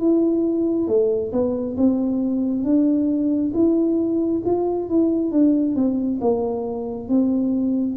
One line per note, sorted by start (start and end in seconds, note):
0.00 0.88 E4
0.88 1.32 A3
1.32 1.76 B3
1.77 2.64 C4
2.64 3.53 D4
3.54 4.42 E4
4.46 4.90 F4
4.90 5.32 E4
5.32 5.76 D4
5.76 6.20 C4
6.22 7.09 A#3
7.09 7.97 C4